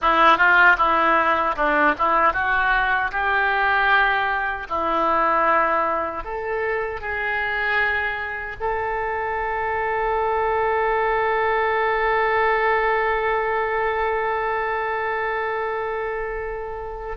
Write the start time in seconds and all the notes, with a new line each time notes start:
0.01 E4
0.37 F4
0.78 E4
1.55 D4
1.98 E4
2.33 F#4
3.11 G4
4.69 E4
6.23 A4
7.00 G#4
8.60 A4